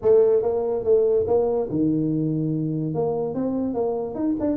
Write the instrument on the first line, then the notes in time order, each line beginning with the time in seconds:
tuba
0.02 A3
0.42 A#3
0.84 A3
1.27 A#3
1.70 D#3
2.94 A#3
3.34 C4
3.74 A#3
4.14 D#4
4.40 D4